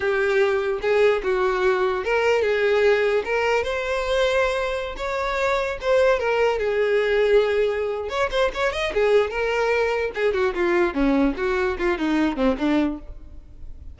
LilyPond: \new Staff \with { instrumentName = "violin" } { \time 4/4 \tempo 4 = 148 g'2 gis'4 fis'4~ | fis'4 ais'4 gis'2 | ais'4 c''2.~ | c''16 cis''2 c''4 ais'8.~ |
ais'16 gis'2.~ gis'8. | cis''8 c''8 cis''8 dis''8 gis'4 ais'4~ | ais'4 gis'8 fis'8 f'4 cis'4 | fis'4 f'8 dis'4 c'8 d'4 | }